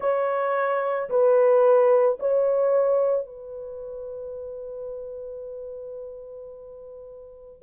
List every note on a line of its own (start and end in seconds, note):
0.00 1.09 C#5
1.09 2.18 B4
2.19 3.26 C#5
3.26 7.62 B4